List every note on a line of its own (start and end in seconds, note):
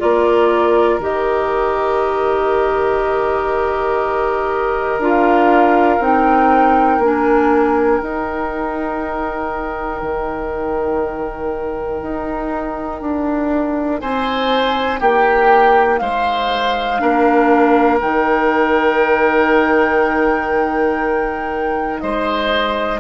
0.00 0.99 A#3
0.00 1.00 F4
0.00 14.01 A#4
0.00 1.01 D5
0.99 4.99 D#3
0.99 5.01 G4
0.99 5.03 D#5
4.99 5.99 D4
4.99 6.00 F4
4.99 6.03 F5
5.99 6.99 C4
5.99 7.00 D#4
5.99 7.02 G5
6.99 7.99 A#3
6.99 8.04 D4
6.99 8.00 G#5
8.00 10.02 D#4
8.00 16.99 D#4
8.00 14.00 G5
10.02 12.02 D#3
12.02 13.01 D#4
13.01 14.01 D4
14.00 15.01 C4
14.00 15.01 C5
14.00 15.00 G#5
15.00 16.01 A#3
15.00 16.01 G4
15.00 15.99 G5
15.99 17.01 G#3
15.99 17.02 C5
15.99 17.99 F5
16.99 18.02 A#3
16.99 17.99 D4
16.99 22.02 A#4
17.99 22.02 D#3
17.99 22.99 D#4
17.99 22.01 G5
22.01 23.01 G#3
22.01 23.01 C5
22.01 23.01 D#5